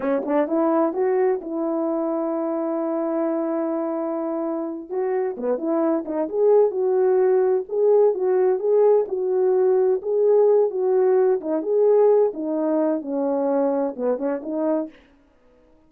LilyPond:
\new Staff \with { instrumentName = "horn" } { \time 4/4 \tempo 4 = 129 cis'8 d'8 e'4 fis'4 e'4~ | e'1~ | e'2~ e'8 fis'4 b8 | e'4 dis'8 gis'4 fis'4.~ |
fis'8 gis'4 fis'4 gis'4 fis'8~ | fis'4. gis'4. fis'4~ | fis'8 dis'8 gis'4. dis'4. | cis'2 b8 cis'8 dis'4 | }